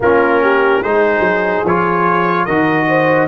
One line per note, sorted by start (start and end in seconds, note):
0.00 0.82 A#3
0.00 0.83 C#4
0.00 0.41 F4
0.00 0.83 A#4
0.41 0.81 G4
0.81 1.19 G#3
0.81 1.65 D#4
0.81 2.45 G#4
0.81 1.65 C5
1.19 1.60 F#3
1.64 2.46 F3
1.64 2.48 F4
1.64 2.45 C#5
2.45 3.28 D#3
2.45 3.28 F#4
2.45 2.86 A#4
2.45 3.27 D#5
2.88 3.28 C5